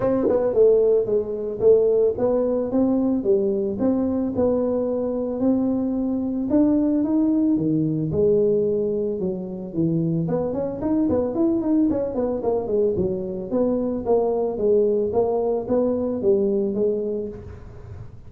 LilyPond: \new Staff \with { instrumentName = "tuba" } { \time 4/4 \tempo 4 = 111 c'8 b8 a4 gis4 a4 | b4 c'4 g4 c'4 | b2 c'2 | d'4 dis'4 dis4 gis4~ |
gis4 fis4 e4 b8 cis'8 | dis'8 b8 e'8 dis'8 cis'8 b8 ais8 gis8 | fis4 b4 ais4 gis4 | ais4 b4 g4 gis4 | }